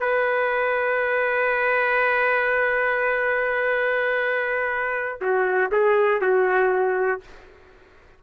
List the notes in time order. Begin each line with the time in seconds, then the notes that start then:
0.00 B4
5.21 F#4
5.71 G#4
6.21 F#4